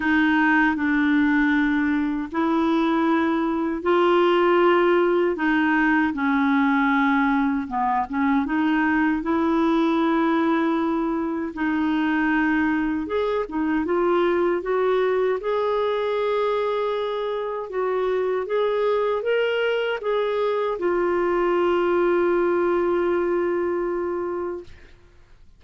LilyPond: \new Staff \with { instrumentName = "clarinet" } { \time 4/4 \tempo 4 = 78 dis'4 d'2 e'4~ | e'4 f'2 dis'4 | cis'2 b8 cis'8 dis'4 | e'2. dis'4~ |
dis'4 gis'8 dis'8 f'4 fis'4 | gis'2. fis'4 | gis'4 ais'4 gis'4 f'4~ | f'1 | }